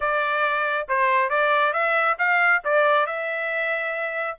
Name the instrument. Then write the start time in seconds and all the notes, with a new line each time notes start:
trumpet
0.00 D5
0.88 C5
1.29 D5
1.73 E5
2.18 F5
2.64 D5
3.06 E5